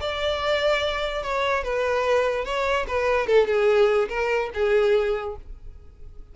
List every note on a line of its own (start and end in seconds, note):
0.00 1.22 D5
1.22 1.63 C#5
1.63 2.45 B4
2.45 2.86 C#5
2.87 3.26 B4
3.26 3.46 A4
3.46 4.08 G#4
4.09 4.50 A#4
4.54 5.36 G#4